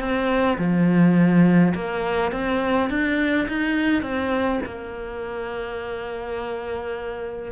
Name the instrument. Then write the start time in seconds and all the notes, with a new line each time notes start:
cello
0.00 C4
0.58 F3
1.75 A#3
2.32 C4
2.90 D4
3.48 D#4
4.03 C4
4.65 A#3